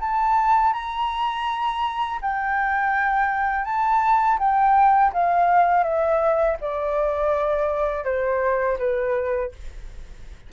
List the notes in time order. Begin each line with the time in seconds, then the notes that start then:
0.00 A5
0.73 A#5
2.21 G5
3.65 A5
4.38 G5
5.13 F5
5.83 E5
6.61 D5
8.04 C5
8.78 B4